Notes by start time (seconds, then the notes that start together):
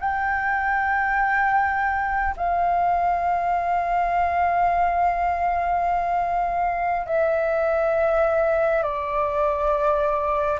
0.00 G5
2.37 F5
7.06 E5
8.83 D5